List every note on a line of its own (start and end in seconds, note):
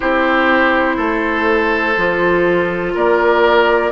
0.00 0.97 C4
0.00 1.95 E4
0.00 0.96 G4
0.00 2.93 C5
0.96 1.95 A3
0.96 2.93 A4
1.97 2.95 F3
1.97 3.91 F4
2.94 3.91 A#3
2.94 3.91 A#4
2.94 3.91 D5